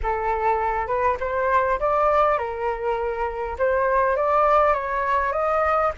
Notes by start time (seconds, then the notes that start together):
0.02 A4
0.87 B4
1.19 C5
1.79 D5
2.38 A#4
3.58 C5
4.16 D5
4.73 C#5
5.32 D#5